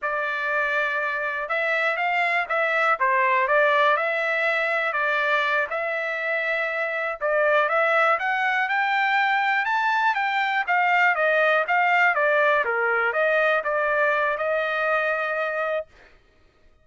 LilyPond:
\new Staff \with { instrumentName = "trumpet" } { \time 4/4 \tempo 4 = 121 d''2. e''4 | f''4 e''4 c''4 d''4 | e''2 d''4. e''8~ | e''2~ e''8 d''4 e''8~ |
e''8 fis''4 g''2 a''8~ | a''8 g''4 f''4 dis''4 f''8~ | f''8 d''4 ais'4 dis''4 d''8~ | d''4 dis''2. | }